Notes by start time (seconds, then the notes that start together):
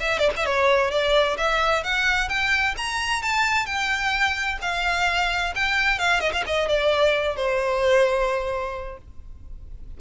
0.00 E5
0.19 D5
0.36 E5
0.46 C#5
0.91 D5
1.37 E5
1.84 F#5
2.29 G5
2.77 A#5
3.22 A5
3.66 G5
4.62 F5
5.55 G5
5.99 F5
6.20 D#5
6.32 F5
6.47 D#5
6.68 D5
7.36 C5